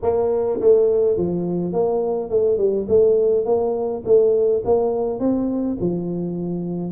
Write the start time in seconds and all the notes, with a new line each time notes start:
0.02 A#3
0.60 A3
1.17 F3
1.72 A#3
2.30 A3
2.57 G3
2.88 A3
3.45 A#3
4.05 A3
4.64 A#3
5.19 C4
5.80 F3